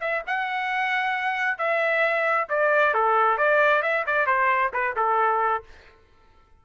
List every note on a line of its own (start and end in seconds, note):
0.00 0.23 E5
0.27 1.57 F#5
1.57 2.48 E5
2.49 2.94 D5
2.94 3.37 A4
3.37 3.82 D5
3.82 4.05 E5
4.06 4.26 D5
4.26 4.71 C5
4.73 4.95 B4
4.96 5.63 A4